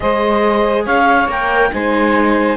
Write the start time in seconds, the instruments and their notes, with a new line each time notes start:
0.00 cello G#3, viola G#4, saxophone C5, clarinet D#5
0.84 cello C#4, saxophone C#5, clarinet F5
1.27 cello A#3, viola A#4, clarinet G5
1.72 cello G#3, viola D#4, saxophone C5, clarinet G#5